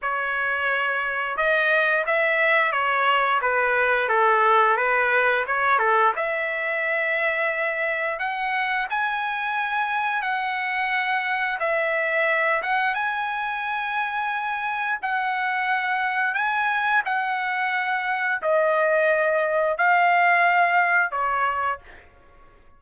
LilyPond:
\new Staff \with { instrumentName = "trumpet" } { \time 4/4 \tempo 4 = 88 cis''2 dis''4 e''4 | cis''4 b'4 a'4 b'4 | cis''8 a'8 e''2. | fis''4 gis''2 fis''4~ |
fis''4 e''4. fis''8 gis''4~ | gis''2 fis''2 | gis''4 fis''2 dis''4~ | dis''4 f''2 cis''4 | }